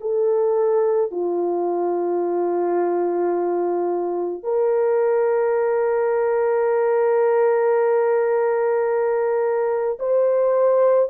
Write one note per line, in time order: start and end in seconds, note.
0.00 1.11 A4
1.11 4.43 F4
4.43 9.98 A#4
9.99 11.09 C5